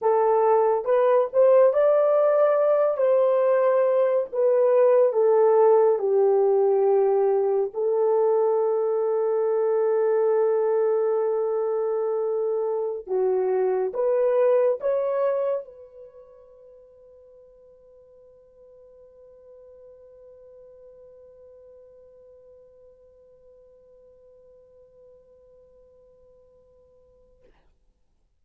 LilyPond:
\new Staff \with { instrumentName = "horn" } { \time 4/4 \tempo 4 = 70 a'4 b'8 c''8 d''4. c''8~ | c''4 b'4 a'4 g'4~ | g'4 a'2.~ | a'2.~ a'16 fis'8.~ |
fis'16 b'4 cis''4 b'4.~ b'16~ | b'1~ | b'1~ | b'1 | }